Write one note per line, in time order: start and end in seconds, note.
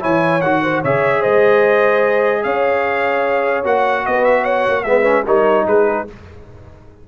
0.00 0.42 E3
0.00 0.40 E4
0.00 0.61 C#5
0.00 0.41 G#5
0.41 0.82 D#3
0.41 0.85 F#4
0.41 0.81 F#5
0.63 0.81 C5
0.81 1.24 C#3
0.81 3.64 G#4
0.81 1.21 C#5
0.81 1.23 E5
1.21 2.45 G#3
1.21 2.42 C5
1.21 2.43 D#5
2.43 3.64 C#4
2.43 4.05 C#5
2.43 3.64 F5
3.64 4.05 A#3
3.64 4.85 F#4
3.64 4.06 F#5
4.06 4.68 B3
4.06 4.43 B4
4.06 4.25 D#5
4.25 4.45 E5
4.43 4.83 C#5
4.43 4.83 F#5
4.68 4.85 A#3
4.83 5.25 G#3
4.83 5.03 B3
4.83 5.26 B4
4.83 5.23 E5
5.03 5.24 C#4
5.26 5.66 G3
5.26 6.07 D#4
5.26 5.67 A#4
5.26 5.67 C#5
5.66 6.06 G#3
5.66 6.08 G#4
5.66 6.08 B4